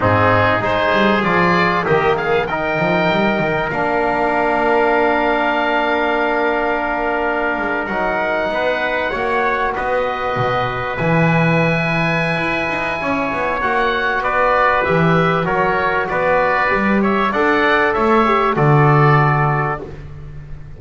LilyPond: <<
  \new Staff \with { instrumentName = "oboe" } { \time 4/4 \tempo 4 = 97 gis'4 c''4 d''4 dis''8 f''8 | g''2 f''2~ | f''1~ | f''8. fis''2. dis''16~ |
dis''4.~ dis''16 gis''2~ gis''16~ | gis''2 fis''4 d''4 | e''4 cis''4 d''4. e''8 | fis''4 e''4 d''2 | }
  \new Staff \with { instrumentName = "trumpet" } { \time 4/4 dis'4 gis'2 g'8 gis'8 | ais'1~ | ais'1~ | ais'4.~ ais'16 b'4 cis''4 b'16~ |
b'1~ | b'4 cis''2 b'4~ | b'4 ais'4 b'4. cis''8 | d''4 cis''4 a'2 | }
  \new Staff \with { instrumentName = "trombone" } { \time 4/4 c'4 dis'4 f'4 ais4 | dis'2 d'2~ | d'1~ | d'8. dis'2 fis'4~ fis'16~ |
fis'4.~ fis'16 e'2~ e'16~ | e'2 fis'2 | g'4 fis'2 g'4 | a'4. g'8 fis'2 | }
  \new Staff \with { instrumentName = "double bass" } { \time 4/4 gis,4 gis8 g8 f4 dis4~ | dis8 f8 g8 dis8 ais2~ | ais1~ | ais16 gis8 fis4 b4 ais4 b16~ |
b8. b,4 e2~ e16 | e'8 dis'8 cis'8 b8 ais4 b4 | e4 fis4 b4 g4 | d'4 a4 d2 | }
>>